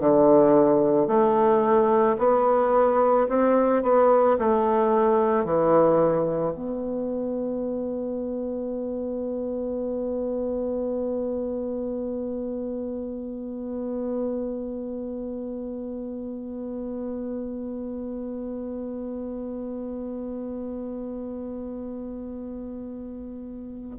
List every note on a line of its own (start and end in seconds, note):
0.00 1.08 D3
1.08 2.17 A3
2.18 3.27 B3
3.29 3.83 C4
3.83 4.37 B3
4.39 5.45 A3
5.45 6.54 E3
6.55 23.99 B3